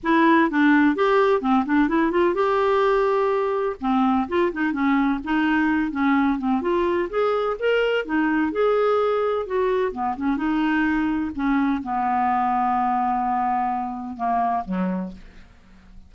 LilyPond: \new Staff \with { instrumentName = "clarinet" } { \time 4/4 \tempo 4 = 127 e'4 d'4 g'4 c'8 d'8 | e'8 f'8 g'2. | c'4 f'8 dis'8 cis'4 dis'4~ | dis'8 cis'4 c'8 f'4 gis'4 |
ais'4 dis'4 gis'2 | fis'4 b8 cis'8 dis'2 | cis'4 b2.~ | b2 ais4 fis4 | }